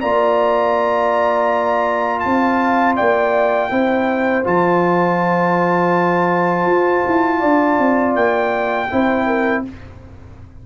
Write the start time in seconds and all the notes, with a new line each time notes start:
0.00 A#3 F4 D5 A#5
2.20 C4 A5
2.26 F5
2.96 A#3 D5 G5
3.70 C4 E4 C5
4.44 F3 F4 A5
6.66 F4
7.07 E4
7.39 D4 D5
7.79 C4
8.15 A#3 G5
8.91 C4 E4 C5
9.26 A#4